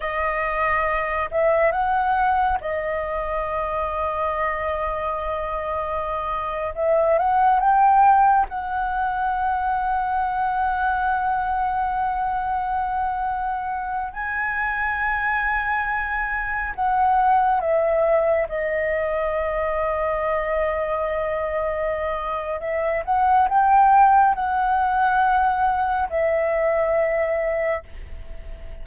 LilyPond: \new Staff \with { instrumentName = "flute" } { \time 4/4 \tempo 4 = 69 dis''4. e''8 fis''4 dis''4~ | dis''2.~ dis''8. e''16~ | e''16 fis''8 g''4 fis''2~ fis''16~ | fis''1~ |
fis''16 gis''2. fis''8.~ | fis''16 e''4 dis''2~ dis''8.~ | dis''2 e''8 fis''8 g''4 | fis''2 e''2 | }